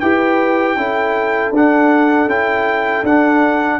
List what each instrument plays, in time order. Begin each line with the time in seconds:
0.00 tuba E4, trombone G4, horn B4, trumpet G5
0.76 tuba C#4, trombone E4, horn A4
1.51 tuba D4, trombone D4, trumpet F#5
2.26 tuba C#4, trombone E4, trumpet G5
3.03 tuba D4, trombone D4, trumpet F#5